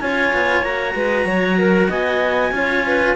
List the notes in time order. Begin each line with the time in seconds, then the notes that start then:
0.00 C#4 F4 C#5 G#5
0.33 B3
0.62 A#3 F#4 A#5
0.95 G#3 B4
1.25 F#3 C#5
1.59 A#4
1.89 B3 D#5 G#5
2.51 C#4 F4 C#5
2.87 B4